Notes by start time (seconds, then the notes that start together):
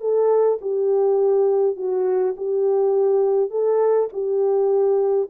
0.00 A4
0.61 G4
1.76 F#4
2.36 G4
3.50 A4
4.13 G4